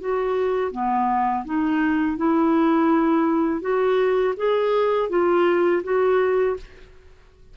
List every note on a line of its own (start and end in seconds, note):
0.00 0.71 F#4
0.71 1.44 B3
1.45 2.17 D#4
2.17 3.61 E4
3.61 4.34 F#4
4.36 5.09 G#4
5.09 5.82 F4
5.83 6.57 F#4